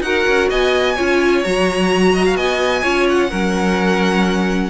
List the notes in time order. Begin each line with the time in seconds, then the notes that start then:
0.00 D#4 F#4 A#4 F#5
0.27 C#4
0.50 B3 D#5 G#5
0.95 C#4 F4 C#5
1.43 F#3 F#4 A#5
2.13 D#5
2.25 F5
2.35 B3 D#5 G#5
2.83 C#4 F4 C#5
3.09 F#5
3.29 F#3 C#4 A#4